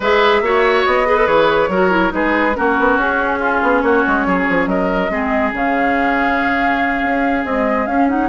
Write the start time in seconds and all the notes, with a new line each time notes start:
0.00 G#3 G#4 B4 E5
0.41 A#3 F#4 C#5
0.85 B3 D#5
1.06 G#4 B4
1.16 A4
1.26 E3 G#4 C#5
1.68 F#3 F#4 A#4
1.90 E4
2.09 G#3 D#4 G#4 B4
2.56 A#3 C#4 F#4 A#4
2.79 B3
2.97 C#4 G#4
3.39 F4
3.62 B3
3.82 A#3 F#4 C#5
4.07 G#3
4.26 F#3 G#4
4.49 F3
4.66 F#3 A#4 D#5
5.09 G#3 C4 G#4
5.53 C#3 C#4 F5
7.02 C#4
7.44 G#3 C4 D#5
7.86 C#4 F5
8.08 D#4 F#5